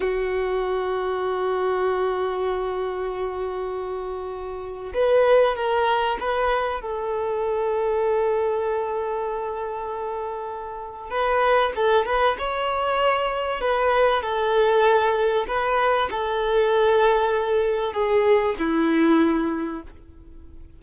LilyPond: \new Staff \with { instrumentName = "violin" } { \time 4/4 \tempo 4 = 97 fis'1~ | fis'1 | b'4 ais'4 b'4 a'4~ | a'1~ |
a'2 b'4 a'8 b'8 | cis''2 b'4 a'4~ | a'4 b'4 a'2~ | a'4 gis'4 e'2 | }